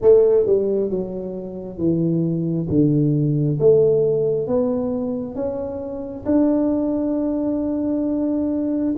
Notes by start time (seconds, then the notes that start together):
0.01 A3
0.46 G3
0.90 F#3
1.78 E3
2.69 D3
3.59 A3
4.47 B3
5.35 C#4
6.25 D4